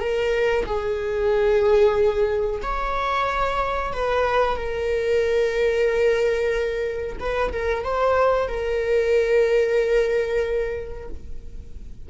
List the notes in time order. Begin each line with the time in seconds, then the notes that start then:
0.00 A#4
0.66 G#4
2.62 C#5
3.93 B4
4.56 A#4
7.19 B4
7.52 A#4
7.83 C5
8.48 A#4